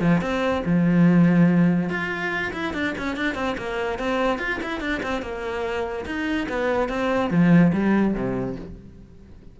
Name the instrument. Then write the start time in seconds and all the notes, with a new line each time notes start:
cello
0.00 F3
0.21 C4
0.65 F3
1.89 F4
2.52 E4
2.73 D4
2.98 C#4
3.16 D4
3.34 C4
3.57 A#3
3.98 C4
4.38 F4
4.62 E4
4.80 D4
5.02 C4
5.22 A#3
6.05 D#4
6.48 B3
6.88 C4
7.30 F3
7.73 G3
8.13 C3